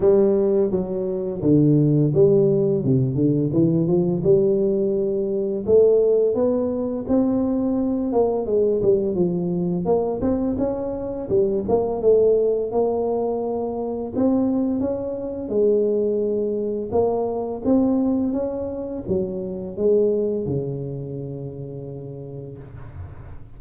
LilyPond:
\new Staff \with { instrumentName = "tuba" } { \time 4/4 \tempo 4 = 85 g4 fis4 d4 g4 | c8 d8 e8 f8 g2 | a4 b4 c'4. ais8 | gis8 g8 f4 ais8 c'8 cis'4 |
g8 ais8 a4 ais2 | c'4 cis'4 gis2 | ais4 c'4 cis'4 fis4 | gis4 cis2. | }